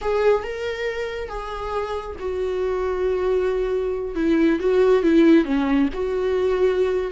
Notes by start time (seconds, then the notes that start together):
0.01 G#4
0.43 A#4
1.28 G#4
2.19 F#4
4.15 E4
4.59 F#4
5.02 E4
5.44 C#4
5.93 F#4